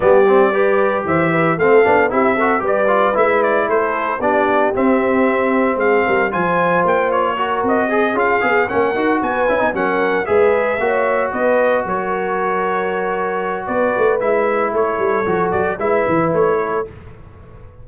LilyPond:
<<
  \new Staff \with { instrumentName = "trumpet" } { \time 4/4 \tempo 4 = 114 d''2 e''4 f''4 | e''4 d''4 e''8 d''8 c''4 | d''4 e''2 f''4 | gis''4 g''8 cis''4 dis''4 f''8~ |
f''8 fis''4 gis''4 fis''4 e''8~ | e''4. dis''4 cis''4.~ | cis''2 d''4 e''4 | cis''4. d''8 e''4 cis''4 | }
  \new Staff \with { instrumentName = "horn" } { \time 4/4 g'4 b'4 c''8 b'8 a'4 | g'8 a'8 b'2 a'4 | g'2. gis'8 ais'8 | c''2 ais'4 gis'4~ |
gis'8 ais'4 b'4 ais'4 b'8~ | b'8 cis''4 b'4 ais'4.~ | ais'2 b'2 | a'2 b'4. a'8 | }
  \new Staff \with { instrumentName = "trombone" } { \time 4/4 b8 c'8 g'2 c'8 d'8 | e'8 fis'8 g'8 f'8 e'2 | d'4 c'2. | f'2 fis'4 gis'8 f'8 |
gis'8 cis'8 fis'4 e'16 dis'16 cis'4 gis'8~ | gis'8 fis'2.~ fis'8~ | fis'2. e'4~ | e'4 fis'4 e'2 | }
  \new Staff \with { instrumentName = "tuba" } { \time 4/4 g2 e4 a8 b8 | c'4 g4 gis4 a4 | b4 c'2 gis8 g8 | f4 ais4. c'4 cis'8 |
b8 ais8 dis'8 b8 cis'16 b16 fis4 gis8~ | gis8 ais4 b4 fis4.~ | fis2 b8 a8 gis4 | a8 g8 f8 fis8 gis8 e8 a4 | }
>>